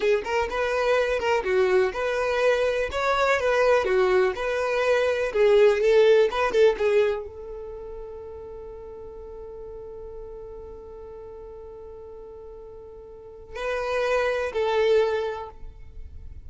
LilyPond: \new Staff \with { instrumentName = "violin" } { \time 4/4 \tempo 4 = 124 gis'8 ais'8 b'4. ais'8 fis'4 | b'2 cis''4 b'4 | fis'4 b'2 gis'4 | a'4 b'8 a'8 gis'4 a'4~ |
a'1~ | a'1~ | a'1 | b'2 a'2 | }